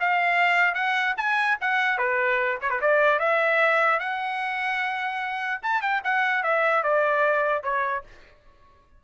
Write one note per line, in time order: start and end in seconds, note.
0.00 0.75 F5
0.75 1.15 F#5
1.18 1.58 G#5
1.61 1.98 F#5
1.98 2.59 B4
2.62 2.70 C#5
2.70 2.80 B4
2.82 3.19 D5
3.19 4.00 E5
4.00 5.61 F#5
5.63 5.82 A5
5.82 6.02 G5
6.04 6.43 F#5
6.43 6.83 E5
6.83 7.63 D5
7.63 8.04 C#5